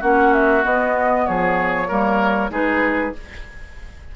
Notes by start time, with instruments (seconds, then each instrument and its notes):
0.00 bassoon A#3, clarinet C#4, oboe F#4, flute F#5
0.34 flute E5
0.63 clarinet B3, bassoon B3, flute D#5
1.27 bassoon F3, oboe G#4, flute C#5
1.88 bassoon G3, clarinet A#3, oboe A#4
2.50 bassoon G#3, clarinet D#4, oboe G#4, flute B4